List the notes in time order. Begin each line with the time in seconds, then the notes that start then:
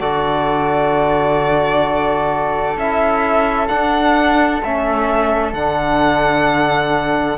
0.00 D3 F#4 A4 D5
2.76 C#4 E4 E5
3.67 D4 F#5
4.62 A3 C#4 E5
5.52 D3 D4 F#5